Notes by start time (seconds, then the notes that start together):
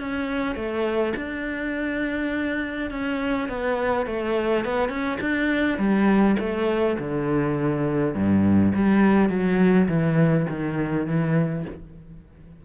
0.00 C#4
0.56 A3
1.17 D4
2.91 C#4
3.49 B3
4.06 A3
4.65 B3
4.89 C#4
5.21 D4
5.78 G3
6.39 A3
6.99 D3
8.15 G2
8.75 G3
9.30 F#3
9.89 E3
10.49 D#3
11.07 E3